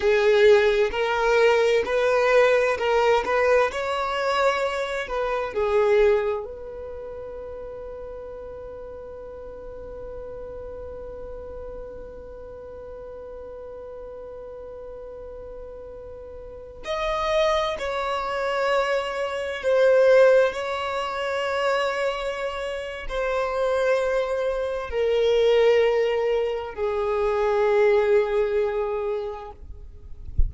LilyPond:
\new Staff \with { instrumentName = "violin" } { \time 4/4 \tempo 4 = 65 gis'4 ais'4 b'4 ais'8 b'8 | cis''4. b'8 gis'4 b'4~ | b'1~ | b'1~ |
b'2~ b'16 dis''4 cis''8.~ | cis''4~ cis''16 c''4 cis''4.~ cis''16~ | cis''4 c''2 ais'4~ | ais'4 gis'2. | }